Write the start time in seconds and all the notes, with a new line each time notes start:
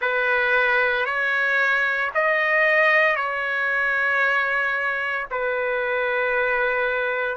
0.00 B4
1.05 C#5
2.14 D#5
3.16 C#5
5.30 B4